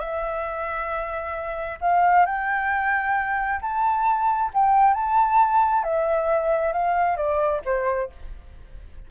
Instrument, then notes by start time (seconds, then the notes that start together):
flute
0.00 E5
1.82 F5
2.26 G5
3.62 A5
4.54 G5
4.94 A5
5.84 E5
6.73 F5
7.17 D5
7.65 C5